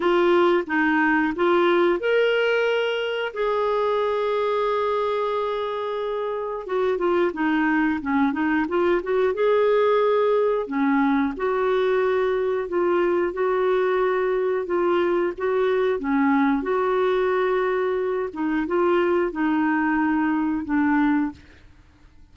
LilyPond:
\new Staff \with { instrumentName = "clarinet" } { \time 4/4 \tempo 4 = 90 f'4 dis'4 f'4 ais'4~ | ais'4 gis'2.~ | gis'2 fis'8 f'8 dis'4 | cis'8 dis'8 f'8 fis'8 gis'2 |
cis'4 fis'2 f'4 | fis'2 f'4 fis'4 | cis'4 fis'2~ fis'8 dis'8 | f'4 dis'2 d'4 | }